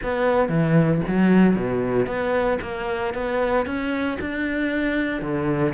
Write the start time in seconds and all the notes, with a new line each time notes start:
0.03 B3
0.48 E3
1.07 F#3
1.55 B2
2.06 B3
2.61 A#3
3.14 B3
3.65 C#4
4.20 D4
5.21 D3